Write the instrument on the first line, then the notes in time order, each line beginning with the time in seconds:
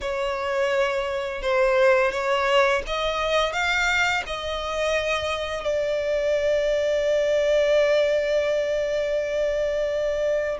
violin
0.01 C#5
1.42 C5
2.11 C#5
2.87 D#5
3.52 F5
4.26 D#5
5.64 D5